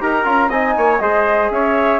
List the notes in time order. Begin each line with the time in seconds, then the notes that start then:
0.00 D#4 G4 A#4 A#5
0.25 C#4 F4
0.49 C4 D#4 D#5 G#5
0.78 A#3 C#5
0.99 G#3 G#4 C5 D#5
1.51 C#4 C#5 E5